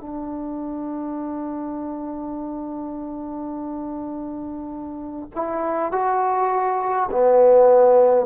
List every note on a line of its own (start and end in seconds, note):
0.00 5.29 D4
5.35 5.92 E4
5.92 7.10 F#4
7.11 8.26 B3